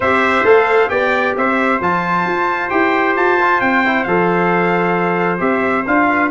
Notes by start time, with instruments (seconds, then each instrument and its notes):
0.00 tuba C4, trombone G4, trumpet C5 E5
0.43 tuba A3, trombone A4, trumpet F5
0.88 tuba B3, trombone G4, trumpet D5 G5
1.36 tuba C4, trumpet C5 E5
1.80 tuba F3, trombone F4, trumpet A5
2.25 tuba F4
2.69 tuba E4, trombone G4, trumpet G5
3.15 tuba F4, trumpet A5
3.40 trombone F4
3.60 tuba C4, trumpet G5
3.85 trombone E4
4.03 tuba F3, trombone A4, trumpet F5
5.38 tuba C4, trombone G4, trumpet E5
5.86 tuba D4, trombone F4, trumpet F5
6.08 trumpet B4